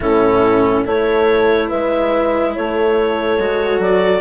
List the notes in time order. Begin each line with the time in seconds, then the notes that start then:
0.00 A2 C#4 E4 A4
0.85 A3 E4 A4 C#5
1.68 G#3 B4 E5
2.55 A3 A4 C#5
3.38 G#3 F#4
3.79 F#3 D5